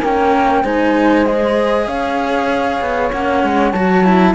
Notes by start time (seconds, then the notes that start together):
0.00 A#3 C#4 A#4 G5
0.63 G#3 D#4 C5 G#5
1.25 G#4 D#5
1.86 C#4 C#5 F5
2.80 B3
3.11 A#3 C#4 F#5
3.43 G#3
3.71 F#3 F#4 A5
4.04 E4